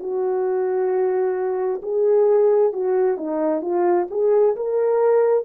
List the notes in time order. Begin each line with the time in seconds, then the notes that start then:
0.00 F#4
1.83 G#4
2.74 F#4
3.18 D#4
3.62 F4
4.11 G#4
4.57 A#4